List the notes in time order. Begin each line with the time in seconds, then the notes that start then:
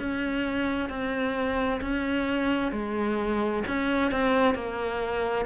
0.00 C#4
0.90 C4
1.82 C#4
2.72 G#3
3.68 C#4
4.12 C4
4.55 A#3